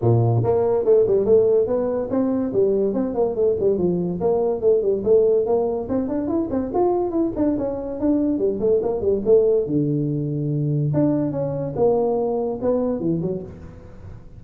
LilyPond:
\new Staff \with { instrumentName = "tuba" } { \time 4/4 \tempo 4 = 143 ais,4 ais4 a8 g8 a4 | b4 c'4 g4 c'8 ais8 | a8 g8 f4 ais4 a8 g8 | a4 ais4 c'8 d'8 e'8 c'8 |
f'4 e'8 d'8 cis'4 d'4 | g8 a8 ais8 g8 a4 d4~ | d2 d'4 cis'4 | ais2 b4 e8 fis8 | }